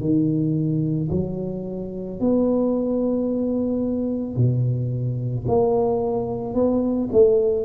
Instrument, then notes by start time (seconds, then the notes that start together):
tuba
0.00 D#3
1.11 F#3
2.20 B3
4.36 B2
5.47 A#3
6.54 B3
7.12 A3